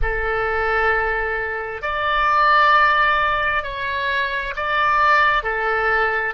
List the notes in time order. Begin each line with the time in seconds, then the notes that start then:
0.02 A4
1.82 D5
3.63 C#5
4.56 D5
5.43 A4